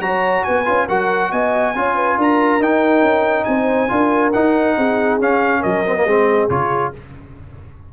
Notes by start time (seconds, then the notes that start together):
0.00 F#3 F#4 C#5 A#5
0.44 B3 B4 G#5
0.66 C#4 F4
0.88 F#3 F#4 A#4 F#5
1.32 B3 D#5 G#5
1.75 C#4 F4 C#5
1.96 B4
2.18 D4 A#4 A#5
2.59 D#4 G5
3.02 C#4
3.45 C4 C5 G#5
3.89 D4 F4 A#4
4.33 D#4 F#5
4.77 C4 G#4
5.20 C#4 F5
5.61 F#3 A#4 D#5
5.86 C4
5.97 A#3
6.05 G#3 C4 G#4
6.50 C#3 F4 C#5